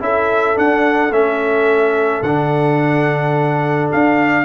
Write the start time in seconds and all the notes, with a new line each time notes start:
0.00 C#4 E4 A4 E5
0.55 D4 F#5
1.10 A3 C#4 E5
2.23 D3 D4 F#5
3.92 D4 F5